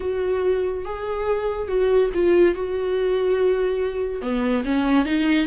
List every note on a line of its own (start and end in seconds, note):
0.00 0.85 F#4
0.85 1.67 G#4
1.67 2.10 F#4
2.14 2.55 F4
2.55 4.21 F#4
4.21 4.63 B3
4.64 5.05 C#4
5.05 5.46 D#4